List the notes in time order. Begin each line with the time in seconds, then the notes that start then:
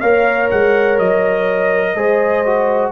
0.00 A#3 A#4 C#5 F5
0.50 G#3 F#5
0.98 F#3 D#5
1.95 G#3 G#4 C5
2.45 F#4